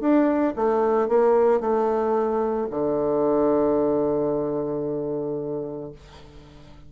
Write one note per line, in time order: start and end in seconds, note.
0.00 0.54 D4
0.56 1.08 A3
1.08 1.60 A#3
1.60 2.67 A3
2.70 5.91 D3